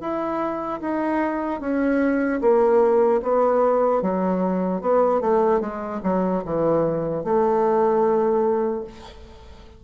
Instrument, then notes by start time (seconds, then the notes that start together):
bassoon
0.00 E4
0.80 D#4
1.60 C#4
2.41 A#3
3.22 B3
4.02 F#3
4.81 B3
5.20 A3
5.60 G#3
6.03 F#3
6.45 E3
7.24 A3